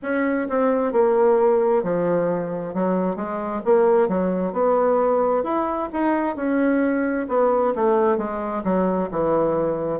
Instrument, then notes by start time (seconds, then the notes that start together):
bassoon
0.02 C#4
0.49 C4
0.92 A#3
1.83 F3
2.74 F#3
3.16 G#3
3.64 A#3
4.08 F#3
4.52 B3
5.43 E4
5.92 D#4
6.36 C#4
7.28 B3
7.75 A3
8.17 G#3
8.64 F#3
9.11 E3